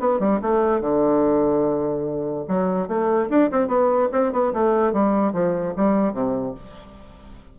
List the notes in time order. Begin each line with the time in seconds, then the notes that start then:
0.00 B3
0.20 G3
0.42 A3
0.81 D3
2.48 F#3
2.88 A3
3.30 D4
3.51 C4
3.68 B3
4.12 C4
4.33 B3
4.53 A3
4.93 G3
5.33 F3
5.77 G3
6.13 C3